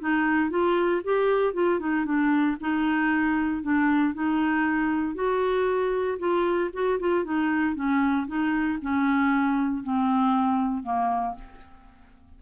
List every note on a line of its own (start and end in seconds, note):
0.00 0.50 D#4
0.50 1.02 F4
1.04 1.54 G4
1.54 1.80 F4
1.80 2.05 D#4
2.05 2.57 D4
2.60 3.63 D#4
3.63 4.14 D4
4.14 5.15 D#4
5.15 6.18 F#4
6.19 6.71 F4
6.73 6.99 F#4
7.00 7.25 F4
7.25 7.75 D#4
7.75 8.27 C#4
8.27 8.79 D#4
8.82 9.83 C#4
9.83 10.83 C4
10.83 11.35 A#3